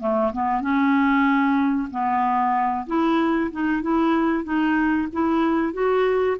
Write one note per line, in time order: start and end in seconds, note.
0.00 0.32 A3
0.33 0.61 B3
0.61 1.89 C#4
1.91 2.87 B3
2.87 3.51 E4
3.52 3.82 D#4
3.82 4.44 E4
4.44 5.08 D#4
5.13 5.73 E4
5.73 6.37 F#4